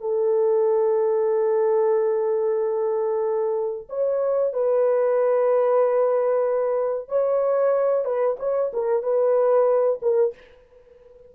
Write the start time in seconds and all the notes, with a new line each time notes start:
0.00 A4
3.89 C#5
4.53 B4
7.08 C#5
8.04 B4
8.39 C#5
8.73 A#4
9.03 B4
10.01 A#4